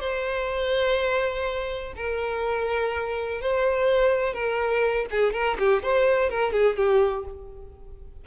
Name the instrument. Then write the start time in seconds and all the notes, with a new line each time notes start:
violin
0.00 C5
1.96 A#4
3.41 C5
4.34 A#4
5.11 G#4
5.33 A#4
5.59 G4
5.83 C5
6.30 A#4
6.52 G#4
6.76 G4